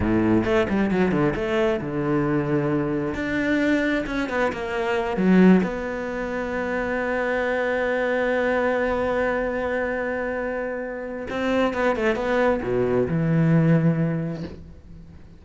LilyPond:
\new Staff \with { instrumentName = "cello" } { \time 4/4 \tempo 4 = 133 a,4 a8 g8 fis8 d8 a4 | d2. d'4~ | d'4 cis'8 b8 ais4. fis8~ | fis8 b2.~ b8~ |
b1~ | b1~ | b4 c'4 b8 a8 b4 | b,4 e2. | }